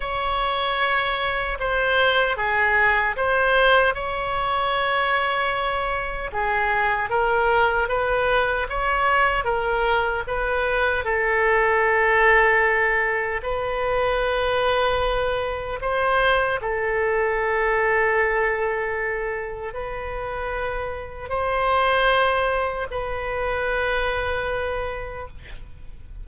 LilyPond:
\new Staff \with { instrumentName = "oboe" } { \time 4/4 \tempo 4 = 76 cis''2 c''4 gis'4 | c''4 cis''2. | gis'4 ais'4 b'4 cis''4 | ais'4 b'4 a'2~ |
a'4 b'2. | c''4 a'2.~ | a'4 b'2 c''4~ | c''4 b'2. | }